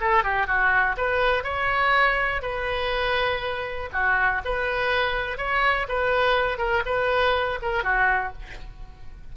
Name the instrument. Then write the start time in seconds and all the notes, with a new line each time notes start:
oboe
0.00 A4
0.23 G4
0.46 F#4
0.97 B4
1.43 C#5
2.42 B4
3.92 F#4
4.45 B4
5.37 C#5
5.88 B4
6.58 A#4
6.85 B4
7.62 A#4
7.83 F#4